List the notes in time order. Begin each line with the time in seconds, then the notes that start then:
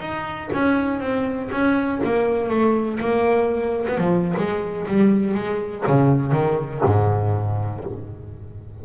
0.00 D#4
0.53 C#4
1.00 C4
1.51 C#4
2.04 A#3
2.49 A3
3.00 A#3
3.88 B3
3.98 F3
4.37 G#3
4.88 G3
5.34 G#3
5.87 C#3
6.32 D#3
6.85 G#2